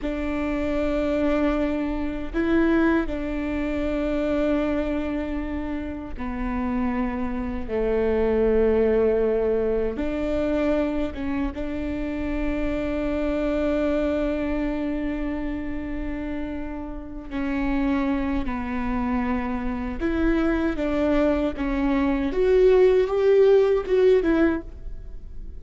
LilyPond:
\new Staff \with { instrumentName = "viola" } { \time 4/4 \tempo 4 = 78 d'2. e'4 | d'1 | b2 a2~ | a4 d'4. cis'8 d'4~ |
d'1~ | d'2~ d'8 cis'4. | b2 e'4 d'4 | cis'4 fis'4 g'4 fis'8 e'8 | }